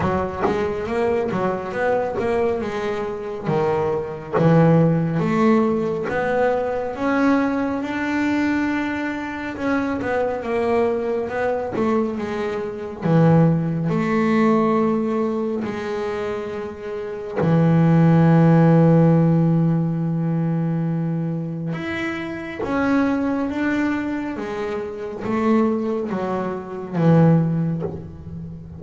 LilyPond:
\new Staff \with { instrumentName = "double bass" } { \time 4/4 \tempo 4 = 69 fis8 gis8 ais8 fis8 b8 ais8 gis4 | dis4 e4 a4 b4 | cis'4 d'2 cis'8 b8 | ais4 b8 a8 gis4 e4 |
a2 gis2 | e1~ | e4 e'4 cis'4 d'4 | gis4 a4 fis4 e4 | }